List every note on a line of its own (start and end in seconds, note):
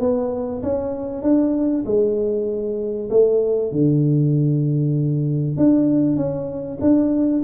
0.00 0.62 B3
0.62 1.22 C#4
1.22 1.84 D4
1.85 3.09 G#3
3.10 3.71 A3
3.71 5.56 D3
5.56 6.16 D4
6.16 6.78 C#4
6.81 7.43 D4